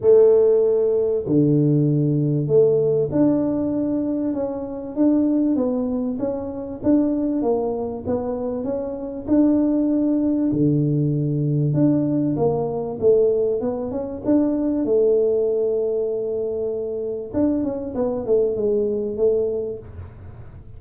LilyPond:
\new Staff \with { instrumentName = "tuba" } { \time 4/4 \tempo 4 = 97 a2 d2 | a4 d'2 cis'4 | d'4 b4 cis'4 d'4 | ais4 b4 cis'4 d'4~ |
d'4 d2 d'4 | ais4 a4 b8 cis'8 d'4 | a1 | d'8 cis'8 b8 a8 gis4 a4 | }